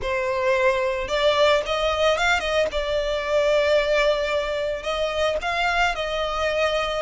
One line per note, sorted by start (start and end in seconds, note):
0.01 1.08 C5
1.08 1.62 D5
1.65 2.17 D#5
2.17 2.39 F5
2.39 2.66 D#5
2.71 4.83 D5
4.83 5.37 D#5
5.41 5.95 F5
5.95 7.02 D#5